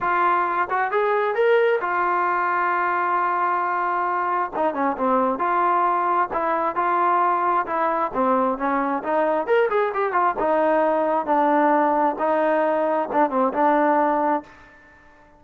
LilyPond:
\new Staff \with { instrumentName = "trombone" } { \time 4/4 \tempo 4 = 133 f'4. fis'8 gis'4 ais'4 | f'1~ | f'2 dis'8 cis'8 c'4 | f'2 e'4 f'4~ |
f'4 e'4 c'4 cis'4 | dis'4 ais'8 gis'8 g'8 f'8 dis'4~ | dis'4 d'2 dis'4~ | dis'4 d'8 c'8 d'2 | }